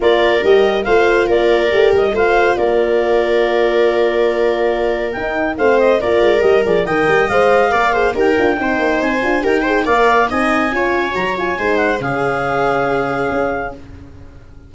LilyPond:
<<
  \new Staff \with { instrumentName = "clarinet" } { \time 4/4 \tempo 4 = 140 d''4 dis''4 f''4 d''4~ | d''8 dis''8 f''4 d''2~ | d''1 | g''4 f''8 dis''8 d''4 dis''8 d''8 |
g''4 f''2 g''4~ | g''4 gis''4 g''4 f''4 | gis''2 ais''8 gis''4 fis''8 | f''1 | }
  \new Staff \with { instrumentName = "viola" } { \time 4/4 ais'2 c''4 ais'4~ | ais'4 c''4 ais'2~ | ais'1~ | ais'4 c''4 ais'2 |
dis''2 d''8 c''8 ais'4 | c''2 ais'8 c''8 d''4 | dis''4 cis''2 c''4 | gis'1 | }
  \new Staff \with { instrumentName = "horn" } { \time 4/4 f'4 g'4 f'2 | g'4 f'2.~ | f'1 | dis'4 c'4 f'4 g'8 gis'8 |
ais'4 c''4 ais'8 gis'8 g'8 f'8 | dis'4. f'8 g'8 gis'8 ais'4 | dis'4 f'4 fis'8 f'8 dis'4 | cis'1 | }
  \new Staff \with { instrumentName = "tuba" } { \time 4/4 ais4 g4 a4 ais4 | a8 g8 a4 ais2~ | ais1 | dis'4 a4 ais8 gis8 g8 f8 |
dis8 g8 gis4 ais4 dis'8 d'8 | c'8 ais8 c'8 d'8 dis'4 ais4 | c'4 cis'4 fis4 gis4 | cis2. cis'4 | }
>>